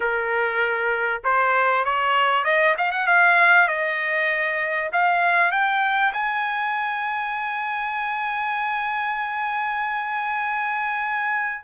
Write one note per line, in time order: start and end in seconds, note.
0.00 1.22 A#4
1.24 1.84 C5
1.84 2.44 C#5
2.44 2.75 D#5
2.77 2.91 F5
2.91 3.06 F#5
3.06 3.67 F5
3.68 4.90 D#5
4.92 5.51 F5
5.51 6.13 G5
6.13 11.63 G#5